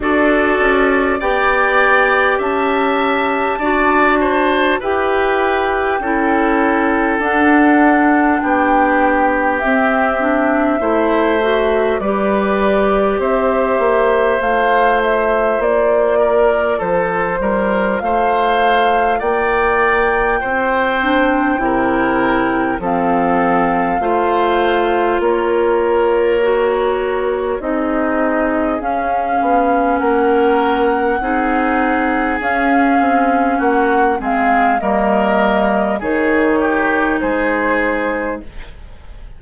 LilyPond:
<<
  \new Staff \with { instrumentName = "flute" } { \time 4/4 \tempo 4 = 50 d''4 g''4 a''2 | g''2 fis''4 g''4 | e''2 d''4 e''4 | f''8 e''8 d''4 c''4 f''4 |
g''2. f''4~ | f''4 cis''2 dis''4 | f''4 fis''2 f''4 | fis''8 f''8 dis''4 cis''4 c''4 | }
  \new Staff \with { instrumentName = "oboe" } { \time 4/4 a'4 d''4 e''4 d''8 c''8 | b'4 a'2 g'4~ | g'4 c''4 b'4 c''4~ | c''4. ais'8 a'8 ais'8 c''4 |
d''4 c''4 ais'4 a'4 | c''4 ais'2 gis'4~ | gis'4 ais'4 gis'2 | fis'8 gis'8 ais'4 gis'8 g'8 gis'4 | }
  \new Staff \with { instrumentName = "clarinet" } { \time 4/4 fis'4 g'2 fis'4 | g'4 e'4 d'2 | c'8 d'8 e'8 fis'8 g'2 | f'1~ |
f'4. d'8 e'4 c'4 | f'2 fis'4 dis'4 | cis'2 dis'4 cis'4~ | cis'8 c'8 ais4 dis'2 | }
  \new Staff \with { instrumentName = "bassoon" } { \time 4/4 d'8 cis'8 b4 cis'4 d'4 | e'4 cis'4 d'4 b4 | c'4 a4 g4 c'8 ais8 | a4 ais4 f8 g8 a4 |
ais4 c'4 c4 f4 | a4 ais2 c'4 | cis'8 b8 ais4 c'4 cis'8 c'8 | ais8 gis8 g4 dis4 gis4 | }
>>